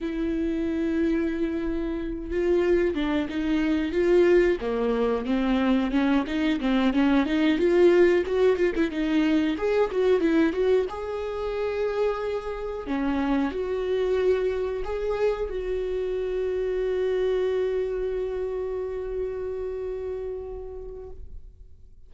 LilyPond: \new Staff \with { instrumentName = "viola" } { \time 4/4 \tempo 4 = 91 e'2.~ e'8 f'8~ | f'8 d'8 dis'4 f'4 ais4 | c'4 cis'8 dis'8 c'8 cis'8 dis'8 f'8~ | f'8 fis'8 f'16 e'16 dis'4 gis'8 fis'8 e'8 |
fis'8 gis'2. cis'8~ | cis'8 fis'2 gis'4 fis'8~ | fis'1~ | fis'1 | }